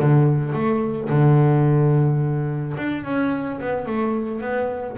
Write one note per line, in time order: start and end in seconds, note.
0.00 0.53 D3
0.53 1.09 A3
1.10 2.76 D3
2.77 3.04 D4
3.04 3.60 C#4
3.61 3.86 B3
3.86 4.41 A3
4.41 4.97 B3